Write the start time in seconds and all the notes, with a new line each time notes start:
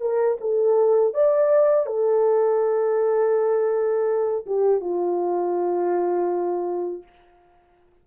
0.00 A#4
0.40 A4
1.13 D5
1.86 A4
4.46 G4
4.80 F4